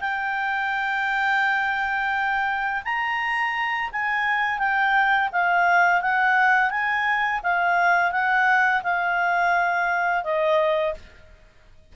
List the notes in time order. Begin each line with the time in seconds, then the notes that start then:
0.00 G5
2.84 A#5
3.92 G#5
4.59 G5
5.32 F5
6.01 F#5
6.70 G#5
7.43 F5
8.11 F#5
8.83 F5
10.24 D#5